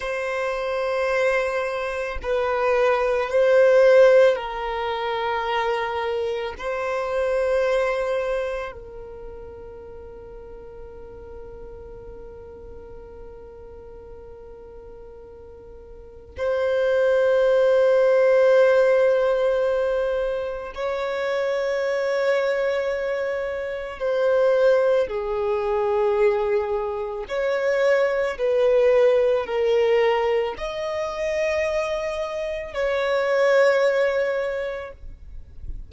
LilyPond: \new Staff \with { instrumentName = "violin" } { \time 4/4 \tempo 4 = 55 c''2 b'4 c''4 | ais'2 c''2 | ais'1~ | ais'2. c''4~ |
c''2. cis''4~ | cis''2 c''4 gis'4~ | gis'4 cis''4 b'4 ais'4 | dis''2 cis''2 | }